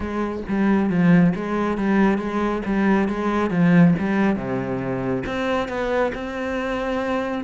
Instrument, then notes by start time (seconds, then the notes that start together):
cello
0.00 G#3
0.48 G3
0.89 F3
1.35 G#3
1.77 G3
2.18 G#3
2.65 G3
3.08 G#3
3.50 F3
3.98 G3
4.36 C3
5.26 C4
5.68 B3
6.14 C4